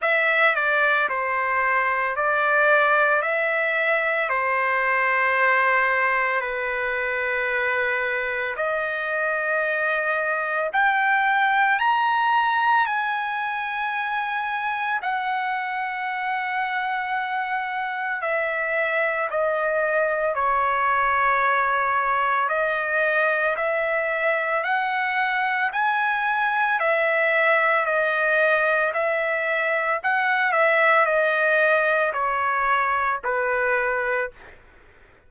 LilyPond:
\new Staff \with { instrumentName = "trumpet" } { \time 4/4 \tempo 4 = 56 e''8 d''8 c''4 d''4 e''4 | c''2 b'2 | dis''2 g''4 ais''4 | gis''2 fis''2~ |
fis''4 e''4 dis''4 cis''4~ | cis''4 dis''4 e''4 fis''4 | gis''4 e''4 dis''4 e''4 | fis''8 e''8 dis''4 cis''4 b'4 | }